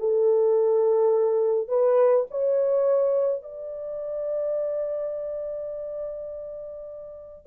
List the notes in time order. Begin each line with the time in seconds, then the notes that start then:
0.00 A4
1.69 B4
2.31 C#5
3.43 D5